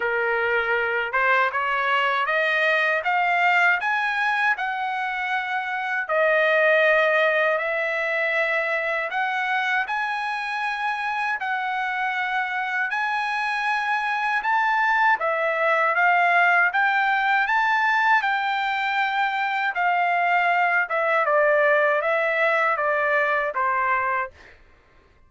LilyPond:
\new Staff \with { instrumentName = "trumpet" } { \time 4/4 \tempo 4 = 79 ais'4. c''8 cis''4 dis''4 | f''4 gis''4 fis''2 | dis''2 e''2 | fis''4 gis''2 fis''4~ |
fis''4 gis''2 a''4 | e''4 f''4 g''4 a''4 | g''2 f''4. e''8 | d''4 e''4 d''4 c''4 | }